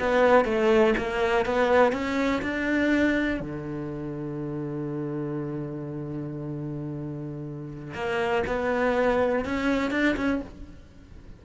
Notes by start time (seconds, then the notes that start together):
0.00 B3
0.45 A3
0.98 A#3
1.46 B3
1.93 C#4
2.42 D4
3.40 D3
7.94 A#3
8.47 B3
9.45 C#4
9.91 D4
10.17 C#4